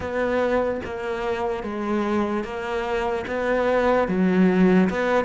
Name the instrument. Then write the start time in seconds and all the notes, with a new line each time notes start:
cello
0.00 B3
0.84 A#3
1.63 G#3
2.44 A#3
3.27 B3
4.08 F#3
4.89 B3